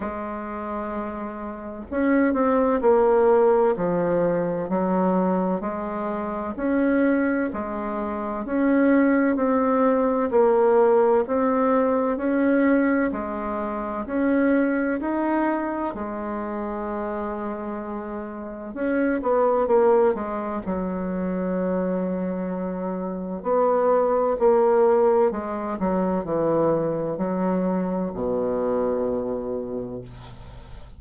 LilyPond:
\new Staff \with { instrumentName = "bassoon" } { \time 4/4 \tempo 4 = 64 gis2 cis'8 c'8 ais4 | f4 fis4 gis4 cis'4 | gis4 cis'4 c'4 ais4 | c'4 cis'4 gis4 cis'4 |
dis'4 gis2. | cis'8 b8 ais8 gis8 fis2~ | fis4 b4 ais4 gis8 fis8 | e4 fis4 b,2 | }